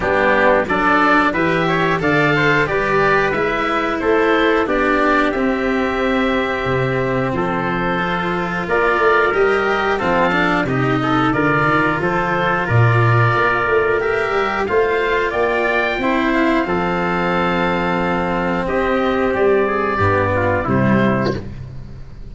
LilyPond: <<
  \new Staff \with { instrumentName = "oboe" } { \time 4/4 \tempo 4 = 90 g'4 d''4 e''4 f''4 | d''4 e''4 c''4 d''4 | e''2. c''4~ | c''4 d''4 dis''4 f''4 |
dis''4 d''4 c''4 d''4~ | d''4 e''4 f''4 g''4~ | g''8 f''2.~ f''8 | dis''4 d''2 c''4 | }
  \new Staff \with { instrumentName = "trumpet" } { \time 4/4 d'4 a'4 b'8 cis''8 d''8 c''8 | b'2 a'4 g'4~ | g'2. a'4~ | a'4 ais'2 a'4 |
g'8 a'8 ais'4 a'4 ais'4~ | ais'2 c''4 d''4 | c''4 a'2. | g'4. gis'8 g'8 f'8 e'4 | }
  \new Staff \with { instrumentName = "cello" } { \time 4/4 b4 d'4 g'4 a'4 | g'4 e'2 d'4 | c'1 | f'2 g'4 c'8 d'8 |
dis'4 f'2.~ | f'4 g'4 f'2 | e'4 c'2.~ | c'2 b4 g4 | }
  \new Staff \with { instrumentName = "tuba" } { \time 4/4 g4 fis4 e4 d4 | g4 gis4 a4 b4 | c'2 c4 f4~ | f4 ais8 a8 g4 f4 |
c4 d8 dis8 f4 ais,4 | ais8 a4 g8 a4 ais4 | c'4 f2. | c'4 g4 g,4 c4 | }
>>